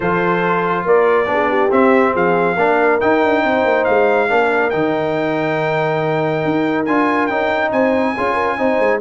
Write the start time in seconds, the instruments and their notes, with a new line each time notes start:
0.00 tuba F3, trombone F4, horn A4, trumpet C5
0.85 tuba A#3, horn A#4, trumpet D5
1.26 tuba B3, trombone D4, horn G#4
1.49 horn G4
1.70 trombone C4, tuba C4, trumpet E5
2.12 tuba F3, horn G#4, trumpet F5
2.56 tuba A#3, trombone D4, horn A#4
3.00 trombone D#4, tuba D#4, trumpet G5
3.23 tuba D4
3.42 tuba C4, horn C5
3.65 tuba A#3
3.84 tuba G#3, trumpet F5
4.28 tuba A#3, trombone D4, horn A#4
4.70 tuba D#3, trombone D#4, trumpet G5
6.44 tuba D#4
6.85 tuba D4, trombone F4, trumpet G#5
7.26 tuba C#4, trombone D#4, trumpet G5
7.71 tuba C4, horn C5, trumpet G#5
8.16 tuba C#4, trombone F4, horn G#4
8.33 horn A#4
8.57 tuba C4, trombone D#4, horn C5
8.79 tuba G#3